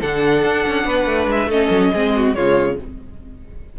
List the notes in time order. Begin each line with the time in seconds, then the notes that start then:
0.00 D3 D4 A4 F#5
0.43 D4
0.68 C#4
0.85 B3 B4
1.05 A3
1.27 G#3 E5
1.46 A3 C#4 A4 D#5
1.70 F#3
1.93 G#3 C4 G#4
2.16 F#4
2.34 C#3 G#3 F4 C#5